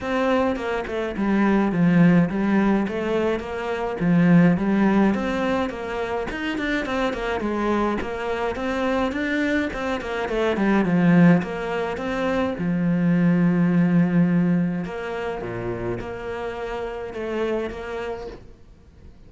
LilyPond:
\new Staff \with { instrumentName = "cello" } { \time 4/4 \tempo 4 = 105 c'4 ais8 a8 g4 f4 | g4 a4 ais4 f4 | g4 c'4 ais4 dis'8 d'8 | c'8 ais8 gis4 ais4 c'4 |
d'4 c'8 ais8 a8 g8 f4 | ais4 c'4 f2~ | f2 ais4 ais,4 | ais2 a4 ais4 | }